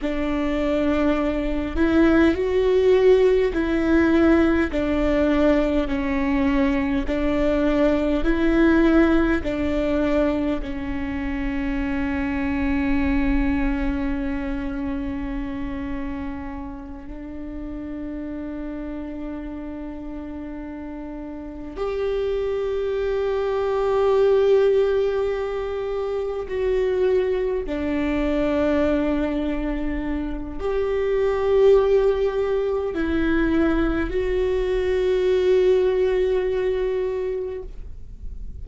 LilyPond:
\new Staff \with { instrumentName = "viola" } { \time 4/4 \tempo 4 = 51 d'4. e'8 fis'4 e'4 | d'4 cis'4 d'4 e'4 | d'4 cis'2.~ | cis'2~ cis'8 d'4.~ |
d'2~ d'8 g'4.~ | g'2~ g'8 fis'4 d'8~ | d'2 g'2 | e'4 fis'2. | }